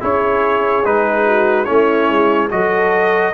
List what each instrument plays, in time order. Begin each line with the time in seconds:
0.00 tuba C#4, trombone E4, horn G#4, trumpet C#5
0.84 tuba G#3, trombone D#4, trumpet B4
1.25 horn F#4
1.65 tuba A3, trombone C#4, horn E4, trumpet C#5
2.09 tuba G#3
2.50 tuba F#3, trombone F#4, horn A4, trumpet D#5